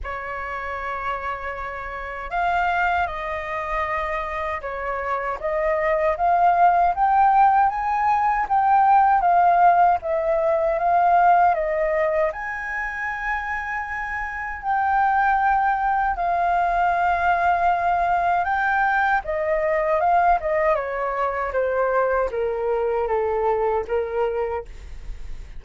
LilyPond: \new Staff \with { instrumentName = "flute" } { \time 4/4 \tempo 4 = 78 cis''2. f''4 | dis''2 cis''4 dis''4 | f''4 g''4 gis''4 g''4 | f''4 e''4 f''4 dis''4 |
gis''2. g''4~ | g''4 f''2. | g''4 dis''4 f''8 dis''8 cis''4 | c''4 ais'4 a'4 ais'4 | }